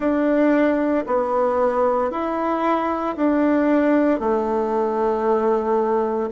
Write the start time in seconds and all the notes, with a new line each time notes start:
0.00 D4
1.06 B3
2.11 E4
3.16 D4
4.19 A3